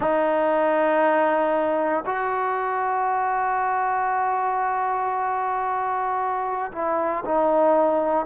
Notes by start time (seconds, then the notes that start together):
0.00 D#4
2.05 F#4
6.72 E4
7.25 D#4